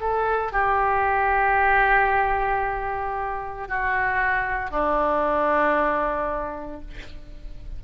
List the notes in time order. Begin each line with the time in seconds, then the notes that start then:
0.00 A4
0.52 G4
3.68 F#4
4.70 D4